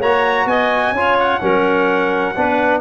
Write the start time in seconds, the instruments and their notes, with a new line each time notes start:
0.00 tuba A#3, trombone F#4, clarinet C#5, trumpet A#5
0.46 tuba B3, clarinet D#5, trumpet G#5
0.92 tuba C#4, trombone F4, clarinet C#5
1.19 trumpet F#5
1.41 tuba F#3, trombone C#4, clarinet A#4
2.36 tuba B3, trombone D4, clarinet B4